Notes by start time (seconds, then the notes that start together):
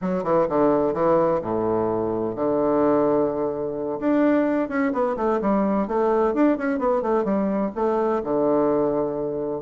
0.01 F#3
0.23 E3
0.48 D3
0.93 E3
1.41 A2
2.35 D3
4.00 D4
4.69 C#4
4.92 B3
5.16 A3
5.41 G3
5.87 A3
6.34 D4
6.57 C#4
6.78 B3
7.02 A3
7.24 G3
7.75 A3
8.23 D3